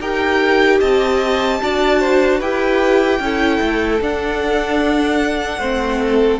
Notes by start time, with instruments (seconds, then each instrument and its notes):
0.00 cello D#4, viola G4, violin A#4 G5
0.79 cello C4, violin D#5 A5
1.61 cello D4, viola F#4, violin D5
2.00 violin C5
2.38 cello E4, viola G4, violin B4 G5
3.19 cello C#4, viola E4, violin A4
3.60 cello A3
4.00 cello D4, viola D4, violin F#5
5.58 cello A3, viola C4, violin C5
6.01 violin A4